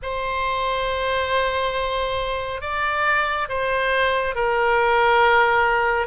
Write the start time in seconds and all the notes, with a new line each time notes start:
0.02 C5
2.61 D5
3.49 C5
4.35 A#4